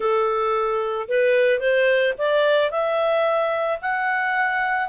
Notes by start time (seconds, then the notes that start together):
0.00 A4
1.08 B4
1.59 C5
2.17 D5
2.70 E5
3.81 F#5